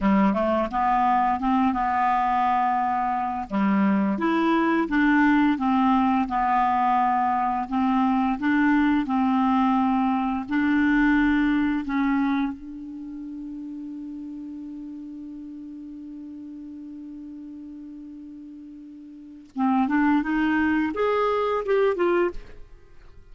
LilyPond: \new Staff \with { instrumentName = "clarinet" } { \time 4/4 \tempo 4 = 86 g8 a8 b4 c'8 b4.~ | b4 g4 e'4 d'4 | c'4 b2 c'4 | d'4 c'2 d'4~ |
d'4 cis'4 d'2~ | d'1~ | d'1 | c'8 d'8 dis'4 gis'4 g'8 f'8 | }